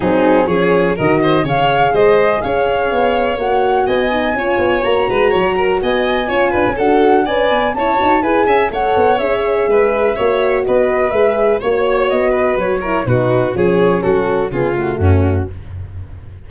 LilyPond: <<
  \new Staff \with { instrumentName = "flute" } { \time 4/4 \tempo 4 = 124 gis'4 cis''4 dis''4 f''4 | dis''4 f''2 fis''4 | gis''2 ais''2 | gis''2 fis''4 gis''4 |
a''4 gis''4 fis''4 e''4~ | e''2 dis''4 e''4 | cis''4 dis''4 cis''4 b'4 | cis''4 a'4 gis'8 fis'4. | }
  \new Staff \with { instrumentName = "violin" } { \time 4/4 dis'4 gis'4 ais'8 c''8 cis''4 | c''4 cis''2. | dis''4 cis''4. b'8 cis''8 ais'8 | dis''4 cis''8 b'8 a'4 d''4 |
cis''4 b'8 e''8 cis''2 | b'4 cis''4 b'2 | cis''4. b'4 ais'8 fis'4 | gis'4 fis'4 f'4 cis'4 | }
  \new Staff \with { instrumentName = "horn" } { \time 4/4 c'4 cis'4 fis'4 gis'4~ | gis'2. fis'4~ | fis'8 dis'8 f'4 fis'2~ | fis'4 f'4 fis'4 b'4 |
e'8 fis'8 gis'4 a'4 gis'4~ | gis'4 fis'2 gis'4 | fis'2~ fis'8 e'8 dis'4 | cis'2 b8 a4. | }
  \new Staff \with { instrumentName = "tuba" } { \time 4/4 fis4 f4 dis4 cis4 | gis4 cis'4 b4 ais4 | b4 cis'8 b8 ais8 gis8 fis4 | b4 cis'8 d'16 cis'16 d'4 cis'8 b8 |
cis'8 dis'8 e'8 cis'8 a8 b8 cis'4 | gis4 ais4 b4 gis4 | ais4 b4 fis4 b,4 | f4 fis4 cis4 fis,4 | }
>>